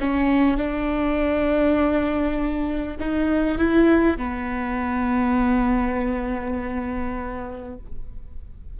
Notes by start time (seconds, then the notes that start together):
0.00 C#4
0.57 D4
2.99 D#4
3.58 E4
4.17 B3